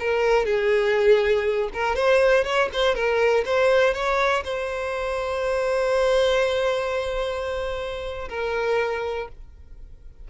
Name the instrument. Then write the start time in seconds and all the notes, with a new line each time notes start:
violin
0.00 A#4
0.46 G#4
1.74 A#4
1.96 C5
2.45 C#5
2.74 C5
2.95 A#4
3.46 C5
3.94 C#5
4.45 C5
8.29 A#4